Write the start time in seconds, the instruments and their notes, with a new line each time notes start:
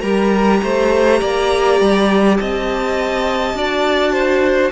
0.00 cello G3, viola G4, violin A#4 A#5
0.62 cello A3, violin C5
1.20 cello A#3, violin D5
1.80 cello G3
2.37 cello C4, violin D#5 A5
3.54 cello D4, viola F#4, violin D5
4.12 violin C5